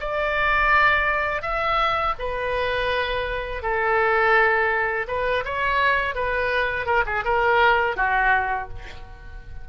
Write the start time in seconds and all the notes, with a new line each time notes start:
0.00 D5
1.42 E5
2.19 B4
3.62 A4
5.08 B4
5.45 C#5
6.15 B4
6.86 A#4
7.06 G#4
7.25 A#4
7.97 F#4